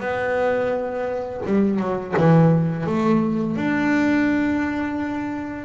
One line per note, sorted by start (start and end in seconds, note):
0.00 1.41 B3
1.46 1.79 G3
1.79 2.14 F#3
2.17 2.86 E3
2.86 3.56 A3
3.56 5.65 D4